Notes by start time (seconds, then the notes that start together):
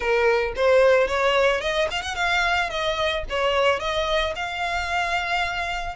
0.00 A#4
0.56 C5
1.07 C#5
1.61 D#5
1.90 F5
2.01 F#5
2.15 F5
2.69 D#5
3.29 C#5
3.79 D#5
4.35 F5